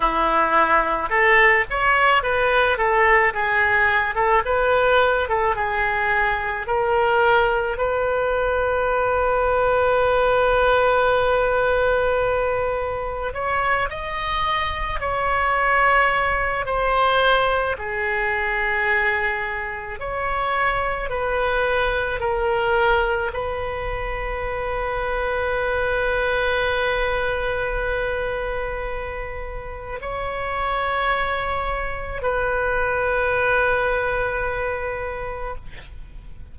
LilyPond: \new Staff \with { instrumentName = "oboe" } { \time 4/4 \tempo 4 = 54 e'4 a'8 cis''8 b'8 a'8 gis'8. a'16 | b'8. a'16 gis'4 ais'4 b'4~ | b'1 | cis''8 dis''4 cis''4. c''4 |
gis'2 cis''4 b'4 | ais'4 b'2.~ | b'2. cis''4~ | cis''4 b'2. | }